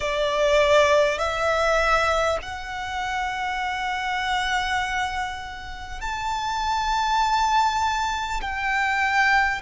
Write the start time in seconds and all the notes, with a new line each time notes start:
0.00 D5
1.18 E5
2.42 F#5
6.00 A5
8.41 G5